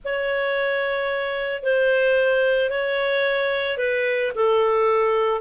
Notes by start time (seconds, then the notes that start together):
0.04 C#5
1.62 C5
2.70 C#5
3.77 B4
4.35 A4